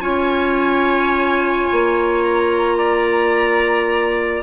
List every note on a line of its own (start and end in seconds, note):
0.00 1.67 C#4
0.00 4.43 F4
0.00 2.78 C#5
0.00 2.23 G#5
1.71 4.43 A#3
2.23 4.43 A#5
2.78 4.43 D5